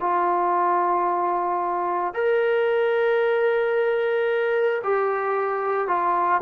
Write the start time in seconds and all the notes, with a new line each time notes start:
0.00 F4
2.14 A#4
4.84 G4
5.88 F4